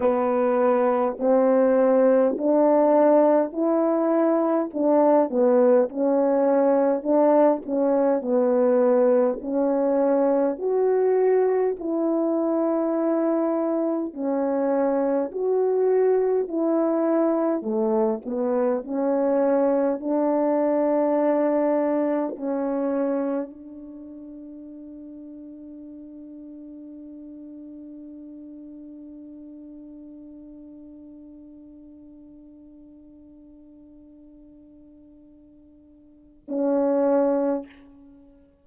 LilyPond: \new Staff \with { instrumentName = "horn" } { \time 4/4 \tempo 4 = 51 b4 c'4 d'4 e'4 | d'8 b8 cis'4 d'8 cis'8 b4 | cis'4 fis'4 e'2 | cis'4 fis'4 e'4 a8 b8 |
cis'4 d'2 cis'4 | d'1~ | d'1~ | d'2. cis'4 | }